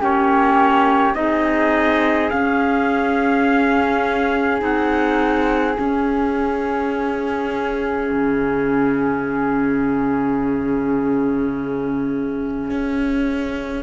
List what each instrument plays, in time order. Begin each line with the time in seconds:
0.00 cello A#3, clarinet C#4, flute G4, trumpet C#5
1.14 cello C4, clarinet D#4, flute G#4, trumpet D#5
2.30 clarinet C#4, cello C#4, trumpet F5
4.59 cello C4, clarinet D#4, trumpet F#5
5.78 clarinet C#4, cello C#4, trumpet E5
8.11 cello C#3
12.70 cello C#4